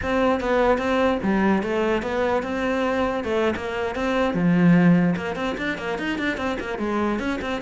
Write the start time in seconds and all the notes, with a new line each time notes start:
0.02 C4
0.40 B3
0.77 C4
1.22 G3
1.62 A3
2.02 B3
2.43 C4
3.24 A3
3.56 A#3
3.95 C4
4.34 F3
5.15 A#3
5.35 C4
5.57 D4
5.78 A#3
5.98 D#4
6.18 D4
6.37 C4
6.60 A#3
6.78 G#3
7.19 C#4
7.41 C4